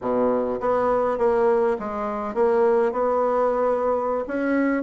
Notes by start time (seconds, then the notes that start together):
0.01 B2
0.60 B3
1.17 A#3
1.79 G#3
2.34 A#3
2.92 B3
4.27 C#4